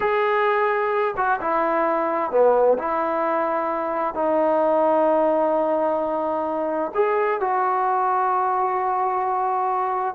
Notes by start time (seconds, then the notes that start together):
0.00 G#4
1.16 F#4
1.41 E4
2.31 B3
2.78 E4
4.14 D#4
6.94 G#4
7.40 F#4